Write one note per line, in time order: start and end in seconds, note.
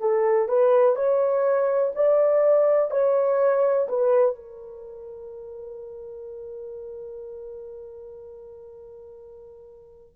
0.00 0.48 A4
0.48 0.95 B4
0.95 1.92 C#5
1.95 2.91 D5
2.91 3.88 C#5
3.88 4.35 B4
4.35 10.16 A#4